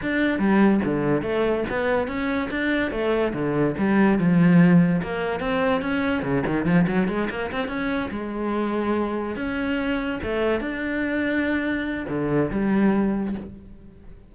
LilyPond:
\new Staff \with { instrumentName = "cello" } { \time 4/4 \tempo 4 = 144 d'4 g4 d4 a4 | b4 cis'4 d'4 a4 | d4 g4 f2 | ais4 c'4 cis'4 cis8 dis8 |
f8 fis8 gis8 ais8 c'8 cis'4 gis8~ | gis2~ gis8 cis'4.~ | cis'8 a4 d'2~ d'8~ | d'4 d4 g2 | }